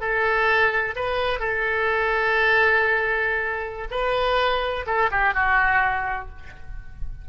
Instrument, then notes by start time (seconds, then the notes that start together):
oboe
0.00 A4
0.95 B4
1.39 A4
3.91 B4
4.86 A4
5.11 G4
5.34 F#4